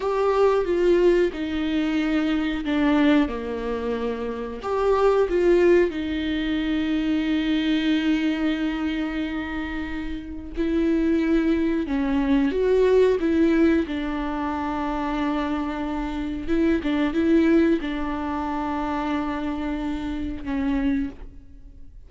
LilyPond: \new Staff \with { instrumentName = "viola" } { \time 4/4 \tempo 4 = 91 g'4 f'4 dis'2 | d'4 ais2 g'4 | f'4 dis'2.~ | dis'1 |
e'2 cis'4 fis'4 | e'4 d'2.~ | d'4 e'8 d'8 e'4 d'4~ | d'2. cis'4 | }